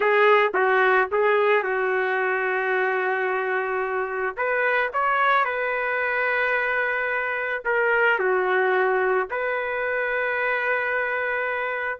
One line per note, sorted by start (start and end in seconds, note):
0.00 0.52 G#4
0.53 1.08 F#4
1.11 1.63 G#4
1.63 4.36 F#4
4.36 4.91 B4
4.93 5.44 C#5
5.44 7.63 B4
7.64 8.19 A#4
8.19 9.28 F#4
9.30 11.99 B4